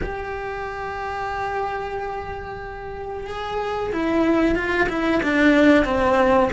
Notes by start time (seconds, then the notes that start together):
0.02 G4
3.27 G#4
3.92 E4
4.55 F4
4.89 E4
5.22 D4
5.85 C4